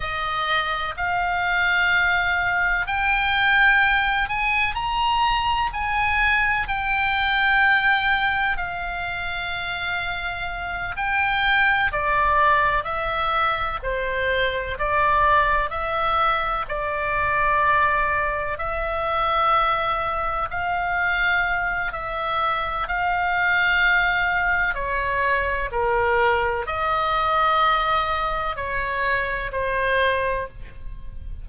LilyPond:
\new Staff \with { instrumentName = "oboe" } { \time 4/4 \tempo 4 = 63 dis''4 f''2 g''4~ | g''8 gis''8 ais''4 gis''4 g''4~ | g''4 f''2~ f''8 g''8~ | g''8 d''4 e''4 c''4 d''8~ |
d''8 e''4 d''2 e''8~ | e''4. f''4. e''4 | f''2 cis''4 ais'4 | dis''2 cis''4 c''4 | }